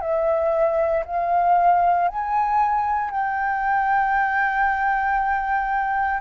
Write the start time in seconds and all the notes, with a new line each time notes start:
0.00 E5
1.05 F5
2.08 G#5
3.10 G5